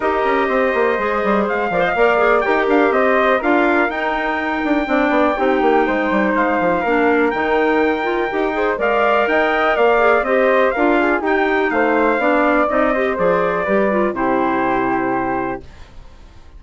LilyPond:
<<
  \new Staff \with { instrumentName = "trumpet" } { \time 4/4 \tempo 4 = 123 dis''2. f''4~ | f''4 g''8 f''8 dis''4 f''4 | g''1~ | g''4 f''2 g''4~ |
g''2 f''4 g''4 | f''4 dis''4 f''4 g''4 | f''2 dis''4 d''4~ | d''4 c''2. | }
  \new Staff \with { instrumentName = "flute" } { \time 4/4 ais'4 c''2~ c''8 d''16 dis''16 | d''4 ais'4 c''4 ais'4~ | ais'2 d''4 g'4 | c''2 ais'2~ |
ais'4. c''8 d''4 dis''4 | d''4 c''4 ais'8 gis'8 g'4 | c''4 d''4. c''4. | b'4 g'2. | }
  \new Staff \with { instrumentName = "clarinet" } { \time 4/4 g'2 gis'4. ais'16 c''16 | ais'8 gis'8 g'2 f'4 | dis'2 d'4 dis'4~ | dis'2 d'4 dis'4~ |
dis'8 f'8 g'8 gis'8 ais'2~ | ais'8 gis'8 g'4 f'4 dis'4~ | dis'4 d'4 dis'8 g'8 gis'4 | g'8 f'8 e'2. | }
  \new Staff \with { instrumentName = "bassoon" } { \time 4/4 dis'8 cis'8 c'8 ais8 gis8 g8 gis8 f8 | ais4 dis'8 d'8 c'4 d'4 | dis'4. d'8 c'8 b8 c'8 ais8 | gis8 g8 gis8 f8 ais4 dis4~ |
dis4 dis'4 gis4 dis'4 | ais4 c'4 d'4 dis'4 | a4 b4 c'4 f4 | g4 c2. | }
>>